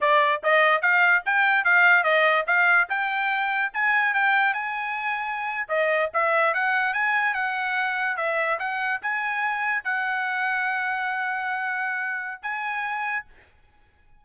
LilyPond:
\new Staff \with { instrumentName = "trumpet" } { \time 4/4 \tempo 4 = 145 d''4 dis''4 f''4 g''4 | f''4 dis''4 f''4 g''4~ | g''4 gis''4 g''4 gis''4~ | gis''4.~ gis''16 dis''4 e''4 fis''16~ |
fis''8. gis''4 fis''2 e''16~ | e''8. fis''4 gis''2 fis''16~ | fis''1~ | fis''2 gis''2 | }